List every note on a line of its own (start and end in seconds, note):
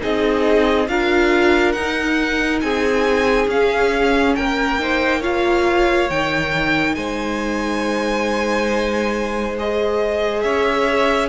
0.00 0.88 C4
0.00 0.87 D#4
0.00 0.89 G#4
0.00 0.88 D#5
0.88 1.75 D4
0.88 1.76 F4
0.88 2.64 A#4
0.88 1.72 F5
1.72 2.62 D#4
1.72 3.50 D#4
1.72 2.59 F#5
2.61 3.47 C4
2.61 4.37 G#4
2.61 3.48 G#5
3.47 4.34 C#4
3.47 4.79 C#4
3.47 4.35 F5
4.35 6.10 A#3
4.35 4.81 A#4
4.35 5.22 G5
4.79 5.22 D#4
4.79 5.20 C5
5.20 6.09 F4
5.20 6.94 C#5
5.20 6.10 F5
6.10 6.96 D#3
6.10 9.58 D#4
6.10 6.95 G5
6.95 10.44 G#3
6.95 10.44 C5
6.95 9.56 G#5
9.58 11.29 G#4
9.58 10.42 D#5
10.42 11.29 C#4
10.42 11.29 C#5
10.42 11.29 E5